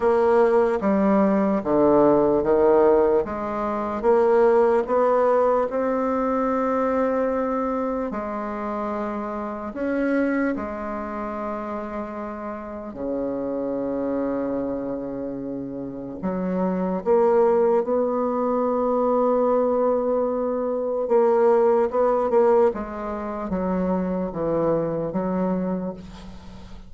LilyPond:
\new Staff \with { instrumentName = "bassoon" } { \time 4/4 \tempo 4 = 74 ais4 g4 d4 dis4 | gis4 ais4 b4 c'4~ | c'2 gis2 | cis'4 gis2. |
cis1 | fis4 ais4 b2~ | b2 ais4 b8 ais8 | gis4 fis4 e4 fis4 | }